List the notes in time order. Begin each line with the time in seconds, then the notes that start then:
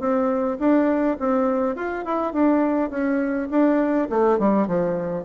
0.00 C4
0.60 D4
1.20 C4
1.76 F4
2.05 E4
2.33 D4
2.91 C#4
3.51 D4
4.10 A3
4.39 G3
4.68 F3